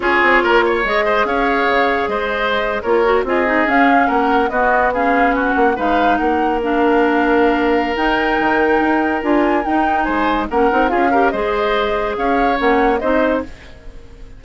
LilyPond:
<<
  \new Staff \with { instrumentName = "flute" } { \time 4/4 \tempo 4 = 143 cis''2 dis''4 f''4~ | f''4 dis''4.~ dis''16 cis''4 dis''16~ | dis''8. f''4 fis''4 dis''4 f''16~ | f''8. fis''4 f''4 fis''4 f''16~ |
f''2. g''4~ | g''2 gis''4 g''4 | gis''4 fis''4 f''4 dis''4~ | dis''4 f''4 fis''4 dis''4 | }
  \new Staff \with { instrumentName = "oboe" } { \time 4/4 gis'4 ais'8 cis''4 c''8 cis''4~ | cis''4 c''4.~ c''16 ais'4 gis'16~ | gis'4.~ gis'16 ais'4 fis'4 gis'16~ | gis'8. fis'4 b'4 ais'4~ ais'16~ |
ais'1~ | ais'1 | c''4 ais'4 gis'8 ais'8 c''4~ | c''4 cis''2 c''4 | }
  \new Staff \with { instrumentName = "clarinet" } { \time 4/4 f'2 gis'2~ | gis'2~ gis'8. f'8 fis'8 f'16~ | f'16 dis'8 cis'2 b4 cis'16~ | cis'4.~ cis'16 dis'2 d'16~ |
d'2. dis'4~ | dis'2 f'4 dis'4~ | dis'4 cis'8 dis'8 f'8 g'8 gis'4~ | gis'2 cis'4 dis'4 | }
  \new Staff \with { instrumentName = "bassoon" } { \time 4/4 cis'8 c'8 ais4 gis4 cis'4 | cis4 gis4.~ gis16 ais4 c'16~ | c'8. cis'4 ais4 b4~ b16~ | b4~ b16 ais8 gis4 ais4~ ais16~ |
ais2. dis'4 | dis4 dis'4 d'4 dis'4 | gis4 ais8 c'8 cis'4 gis4~ | gis4 cis'4 ais4 c'4 | }
>>